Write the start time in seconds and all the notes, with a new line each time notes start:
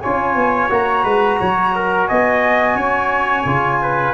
0.00 C#4 F4 C#5 G#5
0.35 B3
0.69 A#3 F#4 A#5
1.04 G#3 B4
1.39 F#3 C#5
1.76 A#4
2.07 B3 D#5 G#5
2.75 C#4 C#5
3.45 C#3 F4
3.82 B4